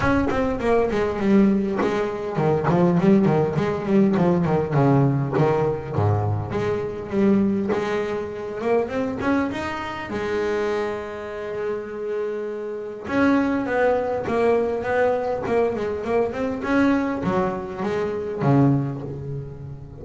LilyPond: \new Staff \with { instrumentName = "double bass" } { \time 4/4 \tempo 4 = 101 cis'8 c'8 ais8 gis8 g4 gis4 | dis8 f8 g8 dis8 gis8 g8 f8 dis8 | cis4 dis4 gis,4 gis4 | g4 gis4. ais8 c'8 cis'8 |
dis'4 gis2.~ | gis2 cis'4 b4 | ais4 b4 ais8 gis8 ais8 c'8 | cis'4 fis4 gis4 cis4 | }